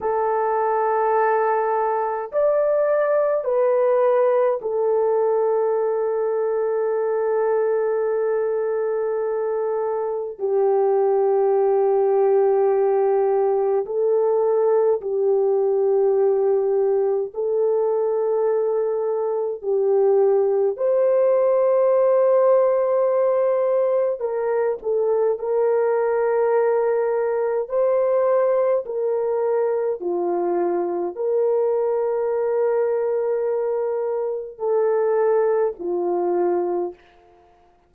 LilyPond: \new Staff \with { instrumentName = "horn" } { \time 4/4 \tempo 4 = 52 a'2 d''4 b'4 | a'1~ | a'4 g'2. | a'4 g'2 a'4~ |
a'4 g'4 c''2~ | c''4 ais'8 a'8 ais'2 | c''4 ais'4 f'4 ais'4~ | ais'2 a'4 f'4 | }